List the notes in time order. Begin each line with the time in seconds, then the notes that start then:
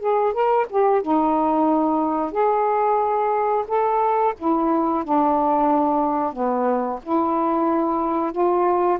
0.00 G#4
0.33 A#4
0.70 G4
1.02 D#4
2.32 G#4
3.68 A4
4.38 E4
5.04 D4
6.33 B3
7.03 E4
8.32 F4